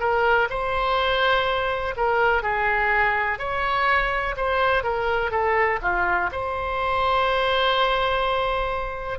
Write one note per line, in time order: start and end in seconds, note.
0.00 0.48 A#4
0.50 1.95 C5
1.97 2.43 A#4
2.43 3.39 G#4
3.39 4.36 C#5
4.37 4.84 C5
4.84 5.31 A#4
5.31 5.79 A4
5.82 6.30 F4
6.32 9.19 C5